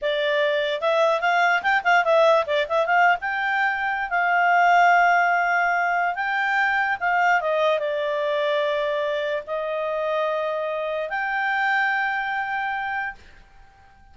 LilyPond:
\new Staff \with { instrumentName = "clarinet" } { \time 4/4 \tempo 4 = 146 d''2 e''4 f''4 | g''8 f''8 e''4 d''8 e''8 f''8. g''16~ | g''2 f''2~ | f''2. g''4~ |
g''4 f''4 dis''4 d''4~ | d''2. dis''4~ | dis''2. g''4~ | g''1 | }